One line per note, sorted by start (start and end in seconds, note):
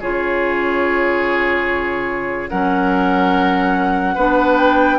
0.00 2.51 C#3
0.00 2.51 F4
0.00 2.50 G#4
0.00 2.49 C#5
2.49 4.16 F#3
2.49 4.17 C#4
2.49 4.15 A#4
2.49 4.57 F#5
4.15 4.98 B3
4.15 4.98 D4
4.15 4.98 B4
4.57 4.98 G5